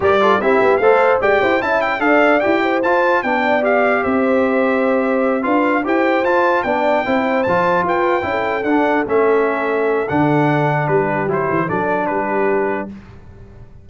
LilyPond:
<<
  \new Staff \with { instrumentName = "trumpet" } { \time 4/4 \tempo 4 = 149 d''4 e''4 f''4 g''4 | a''8 g''8 f''4 g''4 a''4 | g''4 f''4 e''2~ | e''4. f''4 g''4 a''8~ |
a''8 g''2 a''4 g''8~ | g''4. fis''4 e''4.~ | e''4 fis''2 b'4 | c''4 d''4 b'2 | }
  \new Staff \with { instrumentName = "horn" } { \time 4/4 ais'8 a'8 g'4 c''4 d''8 c''8 | e''4 d''4. c''4. | d''2 c''2~ | c''4. b'4 c''4.~ |
c''8 d''4 c''2 b'8~ | b'8 a'2.~ a'8~ | a'2. g'4~ | g'4 a'4 g'2 | }
  \new Staff \with { instrumentName = "trombone" } { \time 4/4 g'8 f'8 e'4 a'4 g'4 | e'4 a'4 g'4 f'4 | d'4 g'2.~ | g'4. f'4 g'4 f'8~ |
f'8 d'4 e'4 f'4.~ | f'8 e'4 d'4 cis'4.~ | cis'4 d'2. | e'4 d'2. | }
  \new Staff \with { instrumentName = "tuba" } { \time 4/4 g4 c'8 b8 a4 gis8 e'8 | cis'4 d'4 e'4 f'4 | b2 c'2~ | c'4. d'4 e'4 f'8~ |
f'8 b4 c'4 f4 f'8~ | f'8 cis'4 d'4 a4.~ | a4 d2 g4 | fis8 e8 fis4 g2 | }
>>